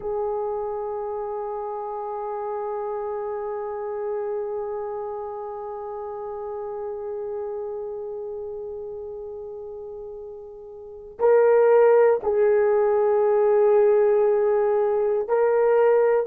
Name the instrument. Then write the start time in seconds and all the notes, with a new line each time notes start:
horn
0.00 G#4
11.19 A#4
12.23 G#4
15.28 A#4